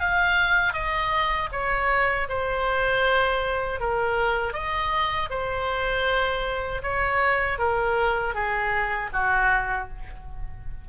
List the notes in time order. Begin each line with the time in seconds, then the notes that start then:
0.00 F5
0.74 D#5
1.52 C#5
2.29 C5
3.80 A#4
4.53 D#5
5.30 C5
6.83 C#5
7.59 A#4
8.34 G#4
9.13 F#4